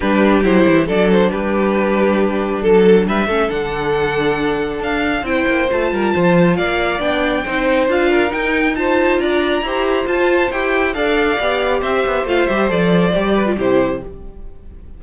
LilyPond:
<<
  \new Staff \with { instrumentName = "violin" } { \time 4/4 \tempo 4 = 137 b'4 c''4 d''8 c''8 b'4~ | b'2 a'4 e''4 | fis''2. f''4 | g''4 a''2 f''4 |
g''2 f''4 g''4 | a''4 ais''2 a''4 | g''4 f''2 e''4 | f''8 e''8 d''2 c''4 | }
  \new Staff \with { instrumentName = "violin" } { \time 4/4 g'2 a'4 g'4~ | g'2 a'4 b'8 a'8~ | a'1 | c''4. ais'8 c''4 d''4~ |
d''4 c''4. ais'4. | c''4 d''4 c''2~ | c''4 d''2 c''4~ | c''2~ c''8 b'8 g'4 | }
  \new Staff \with { instrumentName = "viola" } { \time 4/4 d'4 e'4 d'2~ | d'2.~ d'8 cis'8 | d'1 | e'4 f'2. |
d'4 dis'4 f'4 dis'4 | f'2 g'4 f'4 | g'4 a'4 g'2 | f'8 g'8 a'4 g'8. f'16 e'4 | }
  \new Staff \with { instrumentName = "cello" } { \time 4/4 g4 fis8 e8 fis4 g4~ | g2 fis4 g8 a8 | d2. d'4 | c'8 ais8 a8 g8 f4 ais4 |
b4 c'4 d'4 dis'4~ | dis'4 d'4 e'4 f'4 | e'4 d'4 b4 c'8 b8 | a8 g8 f4 g4 c4 | }
>>